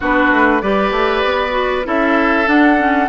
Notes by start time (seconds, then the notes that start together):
0.00 B3 D4 F#4 B4
0.32 A3
0.61 G3 G4 B4 D5
0.91 A3
1.24 B3
1.50 F#4
1.84 C#4 E4 A4 E5
2.46 D4 F#5
2.77 C#4